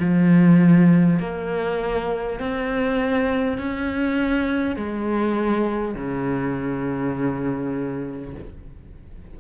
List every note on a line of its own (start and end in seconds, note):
0.00 1.19 F3
1.19 2.39 A#3
2.39 3.58 C4
3.58 4.76 C#4
4.76 5.95 G#3
5.95 8.35 C#3